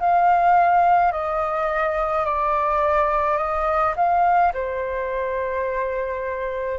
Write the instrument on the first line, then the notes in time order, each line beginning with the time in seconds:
flute
0.00 F5
1.12 D#5
2.25 D5
3.38 D#5
3.96 F5
4.53 C5